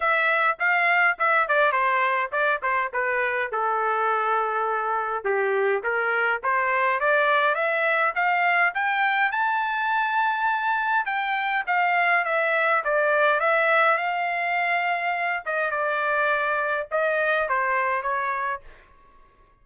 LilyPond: \new Staff \with { instrumentName = "trumpet" } { \time 4/4 \tempo 4 = 103 e''4 f''4 e''8 d''8 c''4 | d''8 c''8 b'4 a'2~ | a'4 g'4 ais'4 c''4 | d''4 e''4 f''4 g''4 |
a''2. g''4 | f''4 e''4 d''4 e''4 | f''2~ f''8 dis''8 d''4~ | d''4 dis''4 c''4 cis''4 | }